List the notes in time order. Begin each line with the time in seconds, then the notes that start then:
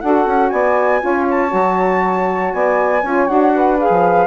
0.00 D4 F#4 A4 F#5
0.26 C#4
0.49 B3 D5 G#5
1.00 C#4 F4 C#5
1.30 A5
1.48 F#3 F#4
2.53 B3 D5 G#5
3.02 C#4 F4 C#5
3.27 D4 F#4 F#5
3.54 B4
3.79 G#4 F5
3.90 F3